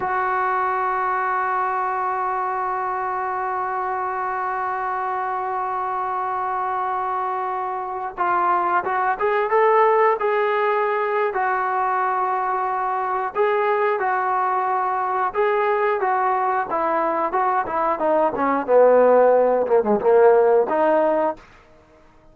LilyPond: \new Staff \with { instrumentName = "trombone" } { \time 4/4 \tempo 4 = 90 fis'1~ | fis'1~ | fis'1~ | fis'16 f'4 fis'8 gis'8 a'4 gis'8.~ |
gis'4 fis'2. | gis'4 fis'2 gis'4 | fis'4 e'4 fis'8 e'8 dis'8 cis'8 | b4. ais16 gis16 ais4 dis'4 | }